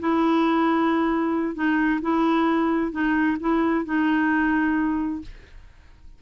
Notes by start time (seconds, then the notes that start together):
0.00 E4
1.55 D#4
2.02 E4
2.92 D#4
3.40 E4
3.86 D#4